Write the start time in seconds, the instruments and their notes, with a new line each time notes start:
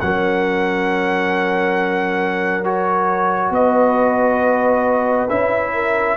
0.00 tuba F#3, trombone C#4, horn A#4, trumpet F#5
2.64 trombone F#4, trumpet C#5
3.50 tuba B3, horn B4, trumpet D#5
5.29 tuba C#4, trombone E4, trumpet E5
5.74 horn A#4